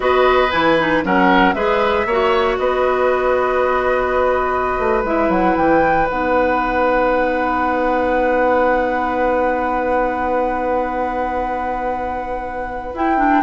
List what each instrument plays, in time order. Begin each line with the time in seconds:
0.00 bassoon B3, clarinet F#4, oboe B4, flute D#5
0.50 bassoon E3, clarinet E4, flute G#5
0.78 clarinet D#4
1.03 bassoon F#3, clarinet C#4, oboe A#4, flute F#5
1.53 bassoon G#3, clarinet G#4, oboe B4, flute E5
2.05 bassoon A#3, clarinet F#4, oboe C#5
2.57 bassoon B3, oboe B4, flute D#5
4.79 bassoon A3
5.03 bassoon G#3, clarinet E4, flute E5
5.28 bassoon F#3, flute F#5
5.56 bassoon E3, flute G5
6.07 bassoon B3, clarinet D#4, flute F#5
12.93 bassoon E4, clarinet E4, flute G5
13.17 clarinet D4